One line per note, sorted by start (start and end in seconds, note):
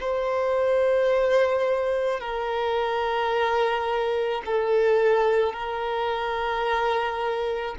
0.00 2.20 C5
2.20 4.42 A#4
4.45 5.53 A4
5.53 7.75 A#4